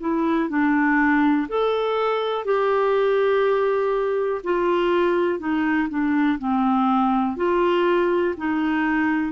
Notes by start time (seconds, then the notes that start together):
0.00 E4
0.49 D4
1.48 A4
2.45 G4
4.44 F4
5.40 D#4
5.90 D4
6.39 C4
7.37 F4
8.37 D#4